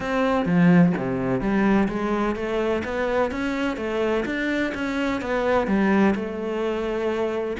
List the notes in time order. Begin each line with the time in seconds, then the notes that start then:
0.00 C4
0.45 F3
0.97 C3
1.40 G3
1.88 G#3
2.35 A3
2.84 B3
3.31 C#4
3.77 A3
4.25 D4
4.74 C#4
5.21 B3
5.67 G3
6.15 A3